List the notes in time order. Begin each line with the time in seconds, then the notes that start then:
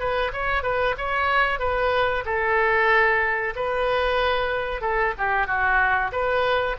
0.00 B4
0.33 C#5
0.63 B4
0.98 C#5
1.60 B4
2.26 A4
3.56 B4
4.82 A4
5.18 G4
5.47 F#4
6.12 B4